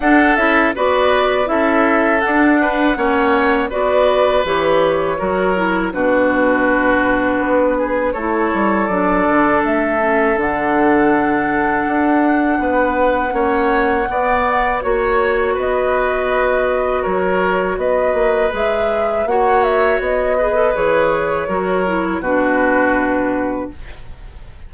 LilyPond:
<<
  \new Staff \with { instrumentName = "flute" } { \time 4/4 \tempo 4 = 81 fis''8 e''8 d''4 e''4 fis''4~ | fis''4 d''4 cis''2 | b'2. cis''4 | d''4 e''4 fis''2~ |
fis''1 | cis''4 dis''2 cis''4 | dis''4 e''4 fis''8 e''8 dis''4 | cis''2 b'2 | }
  \new Staff \with { instrumentName = "oboe" } { \time 4/4 a'4 b'4 a'4. b'8 | cis''4 b'2 ais'4 | fis'2~ fis'8 gis'8 a'4~ | a'1~ |
a'4 b'4 cis''4 d''4 | cis''4 b'2 ais'4 | b'2 cis''4. b'8~ | b'4 ais'4 fis'2 | }
  \new Staff \with { instrumentName = "clarinet" } { \time 4/4 d'8 e'8 fis'4 e'4 d'4 | cis'4 fis'4 g'4 fis'8 e'8 | d'2. e'4 | d'4. cis'8 d'2~ |
d'2 cis'4 b4 | fis'1~ | fis'4 gis'4 fis'4. gis'16 a'16 | gis'4 fis'8 e'8 d'2 | }
  \new Staff \with { instrumentName = "bassoon" } { \time 4/4 d'8 cis'8 b4 cis'4 d'4 | ais4 b4 e4 fis4 | b,2 b4 a8 g8 | fis8 d8 a4 d2 |
d'4 b4 ais4 b4 | ais4 b2 fis4 | b8 ais8 gis4 ais4 b4 | e4 fis4 b,2 | }
>>